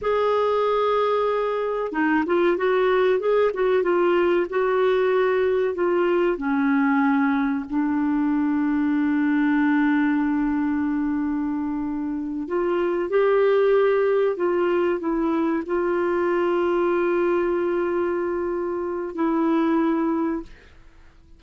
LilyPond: \new Staff \with { instrumentName = "clarinet" } { \time 4/4 \tempo 4 = 94 gis'2. dis'8 f'8 | fis'4 gis'8 fis'8 f'4 fis'4~ | fis'4 f'4 cis'2 | d'1~ |
d'2.~ d'8 f'8~ | f'8 g'2 f'4 e'8~ | e'8 f'2.~ f'8~ | f'2 e'2 | }